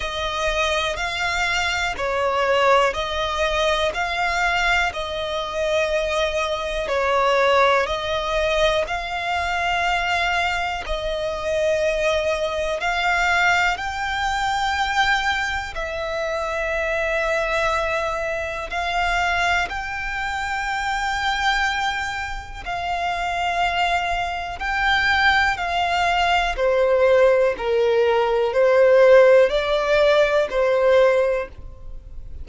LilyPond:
\new Staff \with { instrumentName = "violin" } { \time 4/4 \tempo 4 = 61 dis''4 f''4 cis''4 dis''4 | f''4 dis''2 cis''4 | dis''4 f''2 dis''4~ | dis''4 f''4 g''2 |
e''2. f''4 | g''2. f''4~ | f''4 g''4 f''4 c''4 | ais'4 c''4 d''4 c''4 | }